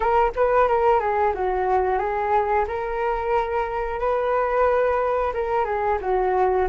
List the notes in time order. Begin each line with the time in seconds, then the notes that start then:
0.00 A#4
0.35 B4
0.68 A#4
0.99 G#4
1.34 F#4
1.98 G#4
2.67 A#4
3.99 B4
5.33 A#4
5.65 G#4
6.01 F#4